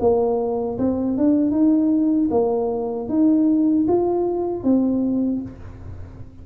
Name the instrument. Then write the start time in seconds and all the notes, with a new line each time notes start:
tuba
0.00 A#3
0.79 C4
1.18 D4
1.52 D#4
2.31 A#3
3.09 D#4
3.88 F4
4.64 C4